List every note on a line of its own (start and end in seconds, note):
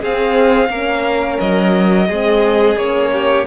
0.00 0.69 C4
0.00 0.70 C4
0.00 0.69 G#4
0.00 1.39 F5
0.69 1.38 A#3
0.69 2.08 C#4
0.69 2.07 A#4
1.39 2.09 F#3
1.39 2.77 D#5
2.07 2.76 G#3
2.07 2.78 C4
2.07 3.10 G#4
2.76 3.45 A#3
2.76 3.47 C#4
2.76 3.46 C#5
3.12 3.46 G4